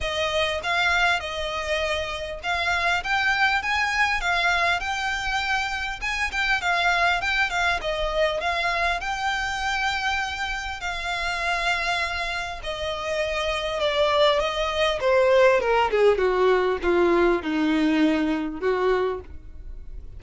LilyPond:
\new Staff \with { instrumentName = "violin" } { \time 4/4 \tempo 4 = 100 dis''4 f''4 dis''2 | f''4 g''4 gis''4 f''4 | g''2 gis''8 g''8 f''4 | g''8 f''8 dis''4 f''4 g''4~ |
g''2 f''2~ | f''4 dis''2 d''4 | dis''4 c''4 ais'8 gis'8 fis'4 | f'4 dis'2 fis'4 | }